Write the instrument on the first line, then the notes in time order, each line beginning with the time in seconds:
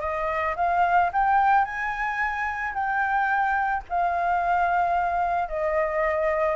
flute
0.00 D#5
0.56 F5
1.13 G5
1.64 G#5
2.73 G5
3.89 F5
5.48 D#5